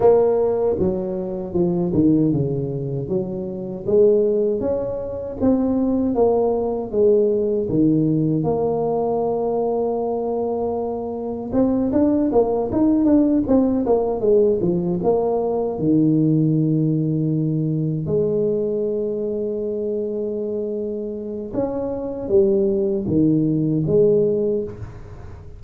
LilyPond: \new Staff \with { instrumentName = "tuba" } { \time 4/4 \tempo 4 = 78 ais4 fis4 f8 dis8 cis4 | fis4 gis4 cis'4 c'4 | ais4 gis4 dis4 ais4~ | ais2. c'8 d'8 |
ais8 dis'8 d'8 c'8 ais8 gis8 f8 ais8~ | ais8 dis2. gis8~ | gis1 | cis'4 g4 dis4 gis4 | }